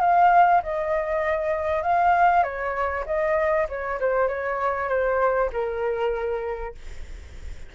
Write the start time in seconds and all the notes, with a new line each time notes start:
0.00 F5
0.62 D#5
1.82 F5
2.43 C#5
3.06 D#5
3.68 C#5
4.00 C5
4.28 C#5
4.88 C5
5.52 A#4